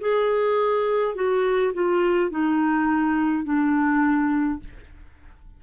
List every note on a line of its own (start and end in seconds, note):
0.00 1.15 G#4
1.15 1.73 F#4
1.73 2.30 F4
2.30 3.44 D#4
3.44 4.59 D4